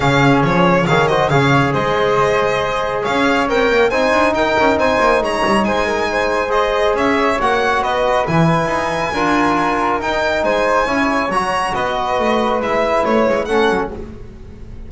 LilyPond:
<<
  \new Staff \with { instrumentName = "violin" } { \time 4/4 \tempo 4 = 138 f''4 cis''4 f''8 dis''8 f''4 | dis''2. f''4 | g''4 gis''4 g''4 gis''4 | ais''4 gis''2 dis''4 |
e''4 fis''4 dis''4 gis''4~ | gis''2. g''4 | gis''2 ais''4 dis''4~ | dis''4 e''4 cis''4 fis''4 | }
  \new Staff \with { instrumentName = "flute" } { \time 4/4 gis'2 cis''8 c''8 cis''4 | c''2. cis''4~ | cis''4 c''4 ais'4 c''4 | cis''4 c''8 ais'8 c''2 |
cis''2 b'2~ | b'4 ais'2. | c''4 cis''2 b'4~ | b'2. a'4 | }
  \new Staff \with { instrumentName = "trombone" } { \time 4/4 cis'2 gis'8 fis'8 gis'4~ | gis'1 | ais'4 dis'2.~ | dis'2. gis'4~ |
gis'4 fis'2 e'4~ | e'4 f'2 dis'4~ | dis'4 e'4 fis'2~ | fis'4 e'2 cis'4 | }
  \new Staff \with { instrumentName = "double bass" } { \time 4/4 cis4 f4 dis4 cis4 | gis2. cis'4 | c'8 ais8 c'8 d'8 dis'8 cis'8 c'8 ais8 | gis8 g8 gis2. |
cis'4 ais4 b4 e4 | dis'4 d'2 dis'4 | gis4 cis'4 fis4 b4 | a4 gis4 a8 gis8 a8 fis8 | }
>>